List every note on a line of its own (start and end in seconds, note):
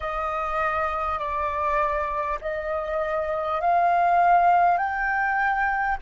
0.00 1.18 D#5
1.18 2.38 D5
2.41 3.60 D#5
3.60 4.77 F5
4.77 5.97 G5